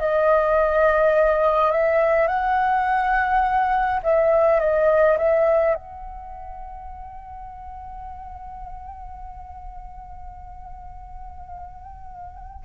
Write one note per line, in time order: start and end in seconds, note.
0.00 1.72 D#5
1.72 2.28 E5
2.28 4.01 F#5
4.03 4.60 E5
4.60 5.18 D#5
5.18 5.75 E5
5.75 12.65 F#5